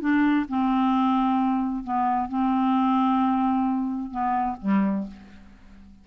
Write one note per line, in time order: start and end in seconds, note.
0.00 0.46 D4
0.48 1.84 C4
1.84 2.28 B3
2.28 4.11 C4
4.11 4.57 B3
4.61 5.07 G3